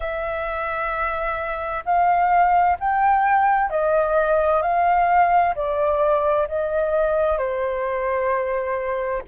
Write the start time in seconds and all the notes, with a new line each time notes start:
0.00 E5
1.85 F5
2.79 G5
3.70 D#5
4.62 F5
5.55 D5
6.48 D#5
7.38 C5